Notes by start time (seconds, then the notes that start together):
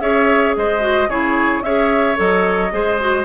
0.00 C#4 G#4 C#5 E5
0.56 G#3 C5 D#5
0.80 F#4
1.08 C#3 E4 G#4 C#5
1.61 C#4 G#4 C#5 E5
2.15 F#3 A4 D#5
2.71 G#3 G#4 C5
3.00 F#4